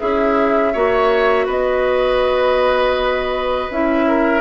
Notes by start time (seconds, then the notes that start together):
0.00 C#4 E4 G#4 E5
0.73 A#3 F#4 C#5
1.46 B3 B4 D#5
3.70 C#4 E4 E5
4.08 A#4